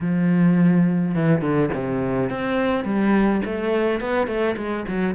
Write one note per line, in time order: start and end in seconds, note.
0.01 1.14 F3
1.14 1.41 E3
1.41 1.69 D3
1.74 2.30 C3
2.30 2.84 C4
2.84 3.41 G3
3.45 4.00 A3
4.00 4.27 B3
4.27 4.55 A3
4.56 4.85 G#3
4.88 5.15 F#3